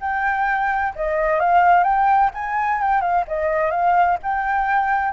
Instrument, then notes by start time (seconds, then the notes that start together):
flute
0.00 G5
0.95 D#5
1.39 F5
1.83 G5
2.34 G#5
2.81 G5
3.01 F5
3.27 D#5
3.71 F5
4.22 G5